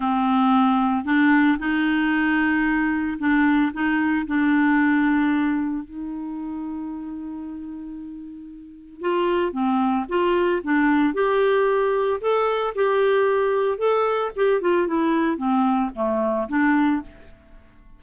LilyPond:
\new Staff \with { instrumentName = "clarinet" } { \time 4/4 \tempo 4 = 113 c'2 d'4 dis'4~ | dis'2 d'4 dis'4 | d'2. dis'4~ | dis'1~ |
dis'4 f'4 c'4 f'4 | d'4 g'2 a'4 | g'2 a'4 g'8 f'8 | e'4 c'4 a4 d'4 | }